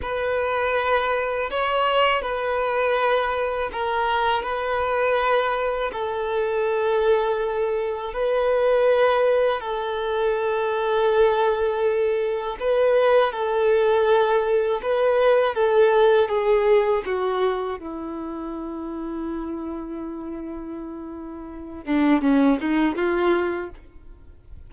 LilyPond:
\new Staff \with { instrumentName = "violin" } { \time 4/4 \tempo 4 = 81 b'2 cis''4 b'4~ | b'4 ais'4 b'2 | a'2. b'4~ | b'4 a'2.~ |
a'4 b'4 a'2 | b'4 a'4 gis'4 fis'4 | e'1~ | e'4. d'8 cis'8 dis'8 f'4 | }